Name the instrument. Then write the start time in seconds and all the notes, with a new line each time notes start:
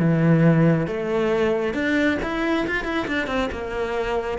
cello
0.00 E3
0.87 A3
1.74 D4
2.23 E4
2.67 F4
2.85 E4
3.08 D4
3.27 C4
3.52 A#3